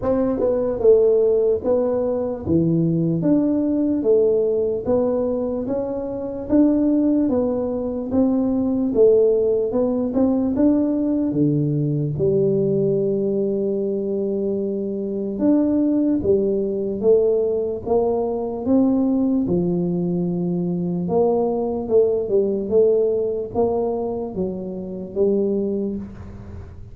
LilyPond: \new Staff \with { instrumentName = "tuba" } { \time 4/4 \tempo 4 = 74 c'8 b8 a4 b4 e4 | d'4 a4 b4 cis'4 | d'4 b4 c'4 a4 | b8 c'8 d'4 d4 g4~ |
g2. d'4 | g4 a4 ais4 c'4 | f2 ais4 a8 g8 | a4 ais4 fis4 g4 | }